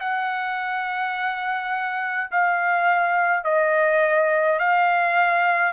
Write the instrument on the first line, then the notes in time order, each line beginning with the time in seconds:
trumpet
0.00 F#5
2.31 F5
3.44 D#5
4.59 F5